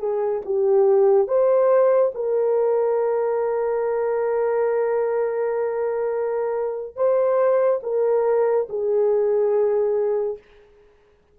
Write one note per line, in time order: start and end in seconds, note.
0.00 0.42 G#4
0.46 1.28 G4
1.28 2.12 C5
2.15 6.96 A#4
6.96 7.81 C5
7.84 8.68 A#4
8.70 10.39 G#4